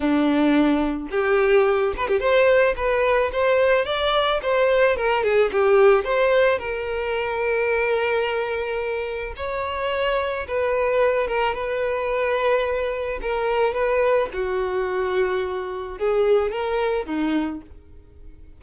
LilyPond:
\new Staff \with { instrumentName = "violin" } { \time 4/4 \tempo 4 = 109 d'2 g'4. b'16 g'16 | c''4 b'4 c''4 d''4 | c''4 ais'8 gis'8 g'4 c''4 | ais'1~ |
ais'4 cis''2 b'4~ | b'8 ais'8 b'2. | ais'4 b'4 fis'2~ | fis'4 gis'4 ais'4 dis'4 | }